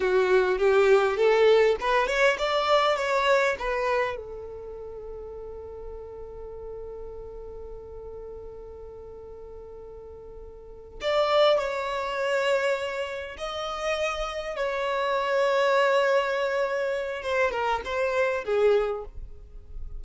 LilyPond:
\new Staff \with { instrumentName = "violin" } { \time 4/4 \tempo 4 = 101 fis'4 g'4 a'4 b'8 cis''8 | d''4 cis''4 b'4 a'4~ | a'1~ | a'1~ |
a'2~ a'8 d''4 cis''8~ | cis''2~ cis''8 dis''4.~ | dis''8 cis''2.~ cis''8~ | cis''4 c''8 ais'8 c''4 gis'4 | }